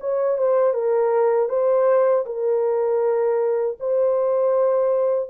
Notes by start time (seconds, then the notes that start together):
0.00 C#5
0.38 C5
0.74 A#4
1.49 C5
2.26 A#4
3.80 C5